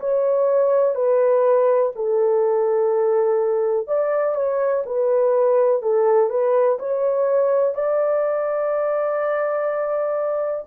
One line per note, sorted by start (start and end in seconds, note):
0.00 0.95 C#5
0.95 1.92 B4
1.96 3.88 A4
3.88 4.35 D5
4.35 4.84 C#5
4.86 5.82 B4
5.82 6.30 A4
6.30 6.79 B4
6.80 7.75 C#5
7.75 10.65 D5